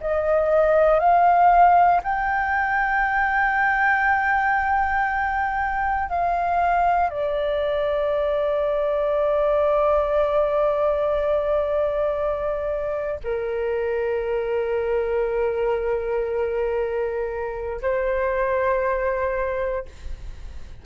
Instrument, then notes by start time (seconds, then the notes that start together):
flute
0.00 D#5
0.99 F5
2.03 G5
6.09 F5
7.10 D5
13.23 A#4
17.82 C5